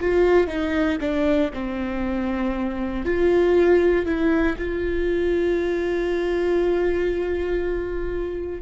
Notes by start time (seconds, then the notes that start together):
0.00 F4
0.47 D#4
1.00 D4
1.53 C4
3.05 F4
4.05 E4
4.57 F4